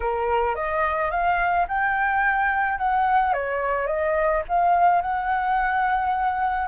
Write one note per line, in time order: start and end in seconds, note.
0.00 0.55 A#4
0.55 1.10 D#5
1.10 1.66 F5
1.68 2.78 G5
2.78 3.33 F#5
3.33 3.87 C#5
3.87 4.42 D#5
4.48 5.02 F5
5.02 6.67 F#5